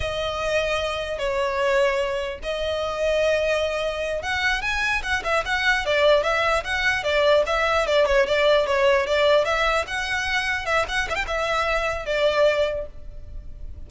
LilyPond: \new Staff \with { instrumentName = "violin" } { \time 4/4 \tempo 4 = 149 dis''2. cis''4~ | cis''2 dis''2~ | dis''2~ dis''8 fis''4 gis''8~ | gis''8 fis''8 e''8 fis''4 d''4 e''8~ |
e''8 fis''4 d''4 e''4 d''8 | cis''8 d''4 cis''4 d''4 e''8~ | e''8 fis''2 e''8 fis''8 e''16 g''16 | e''2 d''2 | }